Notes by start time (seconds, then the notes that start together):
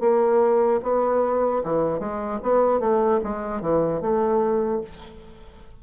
0.00 A#3
0.82 B3
1.64 E3
1.99 G#3
2.43 B3
2.79 A3
3.23 G#3
3.61 E3
4.01 A3